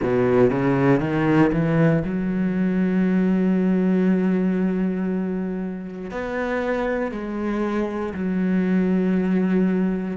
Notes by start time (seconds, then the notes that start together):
0.02 B2
0.50 C#3
1.00 D#3
1.52 E3
2.04 F#3
6.10 B3
7.11 G#3
8.14 F#3